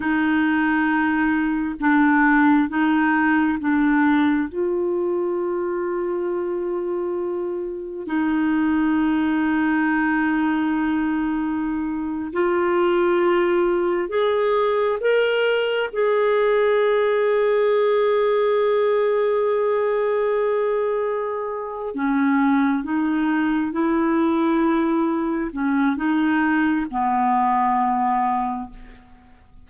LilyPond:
\new Staff \with { instrumentName = "clarinet" } { \time 4/4 \tempo 4 = 67 dis'2 d'4 dis'4 | d'4 f'2.~ | f'4 dis'2.~ | dis'4.~ dis'16 f'2 gis'16~ |
gis'8. ais'4 gis'2~ gis'16~ | gis'1~ | gis'8 cis'4 dis'4 e'4.~ | e'8 cis'8 dis'4 b2 | }